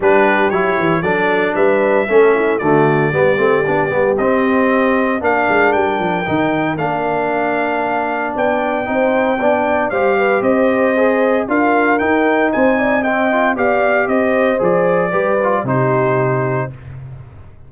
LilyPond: <<
  \new Staff \with { instrumentName = "trumpet" } { \time 4/4 \tempo 4 = 115 b'4 cis''4 d''4 e''4~ | e''4 d''2. | dis''2 f''4 g''4~ | g''4 f''2. |
g''2. f''4 | dis''2 f''4 g''4 | gis''4 g''4 f''4 dis''4 | d''2 c''2 | }
  \new Staff \with { instrumentName = "horn" } { \time 4/4 g'2 a'4 b'4 | a'8 e'8 fis'4 g'2~ | g'2 ais'2~ | ais'1 |
d''4 c''4 d''4 c''8 b'8 | c''2 ais'2 | c''8 d''8 dis''4 d''4 c''4~ | c''4 b'4 g'2 | }
  \new Staff \with { instrumentName = "trombone" } { \time 4/4 d'4 e'4 d'2 | cis'4 a4 b8 c'8 d'8 b8 | c'2 d'2 | dis'4 d'2.~ |
d'4 dis'4 d'4 g'4~ | g'4 gis'4 f'4 dis'4~ | dis'4 c'8 f'8 g'2 | gis'4 g'8 f'8 dis'2 | }
  \new Staff \with { instrumentName = "tuba" } { \time 4/4 g4 fis8 e8 fis4 g4 | a4 d4 g8 a8 b8 g8 | c'2 ais8 gis8 g8 f8 | dis4 ais2. |
b4 c'4 b4 g4 | c'2 d'4 dis'4 | c'2 b4 c'4 | f4 g4 c2 | }
>>